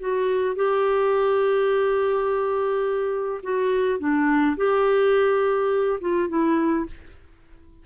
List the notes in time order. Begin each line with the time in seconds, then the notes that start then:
0.00 F#4
0.56 G4
3.43 F#4
4.00 D4
4.57 G4
6.01 F4
6.29 E4